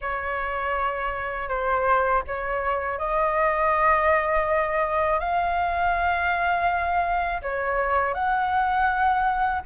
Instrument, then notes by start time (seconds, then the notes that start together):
flute
0.01 C#5
1.48 C5
2.27 C#5
2.98 D#5
5.19 F5
7.42 C#5
8.13 F#5